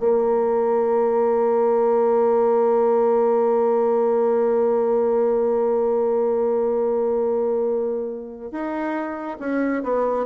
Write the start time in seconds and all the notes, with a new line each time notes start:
0.00 A#3
8.52 D#4
9.40 C#4
9.83 B3